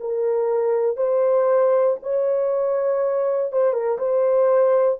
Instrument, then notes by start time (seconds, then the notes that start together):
horn
0.00 A#4
0.97 C5
2.03 C#5
3.52 C5
3.73 A#4
3.98 C5